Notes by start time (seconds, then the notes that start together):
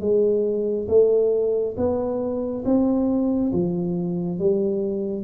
0.00 G#3
0.88 A3
1.77 B3
2.64 C4
3.52 F3
4.39 G3